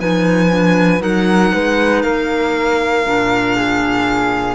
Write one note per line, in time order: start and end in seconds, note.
0.00 1.01 F3
0.00 0.50 D#4
0.00 1.02 B4
0.00 1.03 G#5
0.50 1.00 D4
1.00 1.52 F#3
1.00 3.03 D#4
1.00 1.53 A#4
1.00 2.03 F#5
1.54 2.05 G#3
1.54 2.04 B4
2.03 3.07 A#3
2.03 3.57 A#4
2.03 4.56 F5
3.06 4.56 A#2
3.06 4.56 D4
3.57 4.56 G#4